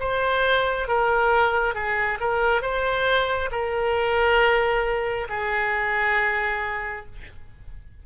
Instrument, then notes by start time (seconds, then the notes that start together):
oboe
0.00 C5
0.88 A#4
1.74 G#4
2.20 A#4
2.62 C5
3.51 A#4
5.29 G#4